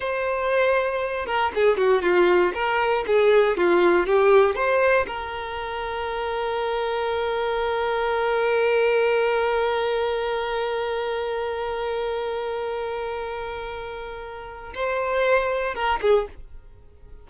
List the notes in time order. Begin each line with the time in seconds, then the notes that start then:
0.00 C5
1.26 A#4
1.54 G#4
1.77 F#4
2.02 F4
2.54 A#4
3.06 G#4
3.57 F4
4.06 G4
4.55 C5
5.07 A#4
14.74 C5
15.74 A#4
16.01 G#4